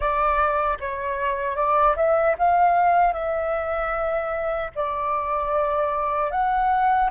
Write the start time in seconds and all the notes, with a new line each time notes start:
0.00 D5
0.80 C#5
1.56 D5
1.96 E5
2.38 F5
3.13 E5
4.75 D5
6.31 F#5